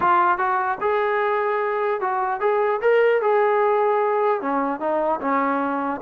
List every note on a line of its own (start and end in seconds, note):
0.00 0.38 F4
0.38 0.78 F#4
0.81 2.00 G#4
2.00 2.40 F#4
2.40 2.80 G#4
2.81 3.21 A#4
3.21 4.41 G#4
4.41 4.80 C#4
4.80 5.20 D#4
5.20 6.00 C#4